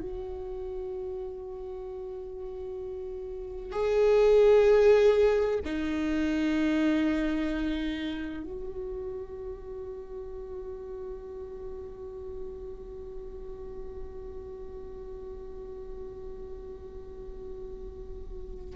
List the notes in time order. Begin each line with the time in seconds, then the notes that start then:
0.00 F#4
3.72 G#4
5.65 D#4
8.44 F#4